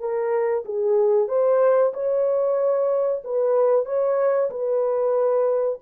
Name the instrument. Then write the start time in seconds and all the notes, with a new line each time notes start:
horn
0.00 A#4
0.65 G#4
1.28 C5
1.94 C#5
3.24 B4
3.86 C#5
4.50 B4